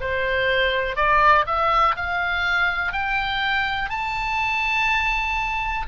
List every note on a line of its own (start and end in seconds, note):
0.00 0.96 C5
0.96 1.45 D5
1.46 1.95 E5
1.95 2.92 F5
2.92 3.89 G5
3.89 5.86 A5